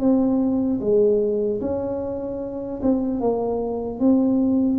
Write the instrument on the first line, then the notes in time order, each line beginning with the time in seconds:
tuba
0.00 C4
0.80 G#3
1.61 C#4
2.83 C4
3.20 A#3
3.99 C4